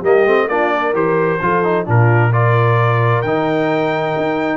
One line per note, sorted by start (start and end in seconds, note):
0.00 0.25 G3
0.00 0.26 A#3
0.00 0.46 G4
0.00 0.48 D#5
0.25 0.48 A3
0.25 0.49 C4
0.48 0.93 A#3
0.48 0.93 D4
0.48 0.73 F4
0.48 0.94 D5
0.73 1.42 A#4
0.93 1.39 E3
0.93 1.39 G4
0.93 1.87 C5
1.42 1.87 F3
1.42 1.63 F4
1.42 1.85 A4
1.63 1.85 D#4
1.85 3.23 A#2
1.85 2.31 D4
1.85 2.29 F4
1.85 2.32 A#4
2.29 3.24 F4
2.29 4.57 A#4
2.29 3.22 D5
3.22 4.15 D#3
3.22 4.57 D#4
3.22 4.57 G5
4.16 4.57 D#4